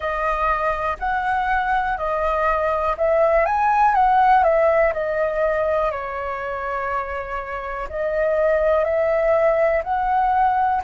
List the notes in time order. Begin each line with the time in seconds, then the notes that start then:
0.00 D#5
0.99 F#5
1.97 D#5
2.97 E5
3.45 G#5
3.94 F#5
4.43 E5
4.93 D#5
5.91 C#5
7.89 D#5
8.84 E5
9.83 F#5